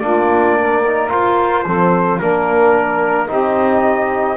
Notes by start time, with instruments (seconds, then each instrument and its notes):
0.00 double bass A#3, trombone D4, saxophone F4, trumpet D5
0.59 saxophone A#4
0.87 trombone D#4
1.09 trombone F4, double bass F4, trumpet C5
1.65 double bass F3, trombone C4, saxophone A4
2.19 double bass A#3, trombone D4, trumpet A#4, saxophone A#4
3.27 double bass C4, trombone D#4, saxophone G4, trumpet D#5